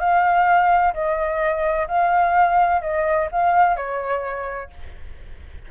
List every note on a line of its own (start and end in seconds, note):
0.00 0.94 F5
0.94 1.88 D#5
1.88 2.82 F5
2.82 3.29 D#5
3.32 3.77 F5
3.77 4.71 C#5